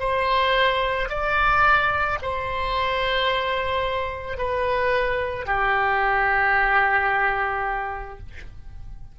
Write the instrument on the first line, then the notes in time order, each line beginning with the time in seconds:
oboe
0.00 C5
1.10 D5
2.22 C5
4.38 B4
5.46 G4